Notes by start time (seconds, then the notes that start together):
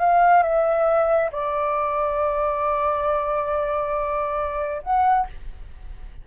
0.00 F5
0.43 E5
1.31 D5
4.83 F#5